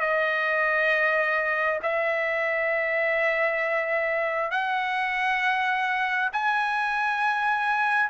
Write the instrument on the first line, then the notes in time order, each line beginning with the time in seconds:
trumpet
0.00 D#5
1.82 E5
4.51 F#5
6.33 G#5